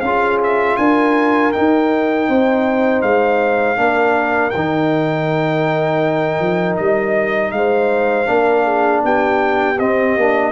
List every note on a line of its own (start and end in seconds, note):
0.00 0.76 C#4
0.00 1.53 F4
0.00 0.79 G#4
0.00 0.38 F5
0.43 0.77 E5
0.77 1.53 D4
0.77 2.28 A#4
0.77 1.52 G#5
1.52 3.76 D#4
1.52 2.28 D#4
1.52 3.02 G5
2.28 3.02 C4
2.28 3.78 C5
3.02 3.77 G#3
3.02 4.50 F5
3.76 4.52 A#3
3.76 4.51 D4
3.76 7.54 A#4
4.50 6.39 D#3
4.50 6.75 G5
4.56 8.26 D#4
6.39 6.77 F3
6.76 7.52 G3
6.76 7.51 D#5
7.51 8.27 G#3
7.51 8.31 C5
7.51 9.01 F5
8.26 9.03 A#3
8.26 9.76 D4
8.26 8.64 A#4
8.64 9.02 G#4
9.04 9.79 B3
9.04 10.52 G4
9.04 9.79 G5
9.79 10.16 C4
9.79 10.19 C4
9.79 10.52 D#5
10.16 10.52 A#3
10.16 10.52 D4